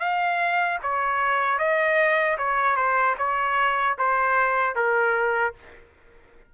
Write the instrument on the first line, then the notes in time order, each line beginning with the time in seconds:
trumpet
0.00 F5
0.83 C#5
1.59 D#5
2.38 C#5
2.76 C5
3.19 C#5
3.99 C5
4.76 A#4